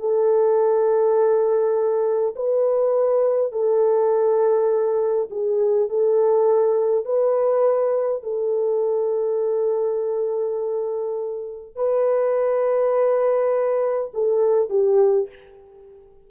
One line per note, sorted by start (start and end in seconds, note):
0.00 2.35 A4
2.36 3.52 B4
3.52 5.29 A4
5.30 5.89 G#4
5.89 7.06 A4
7.06 8.23 B4
8.23 11.76 A4
11.76 14.11 B4
14.14 14.70 A4
14.70 15.29 G4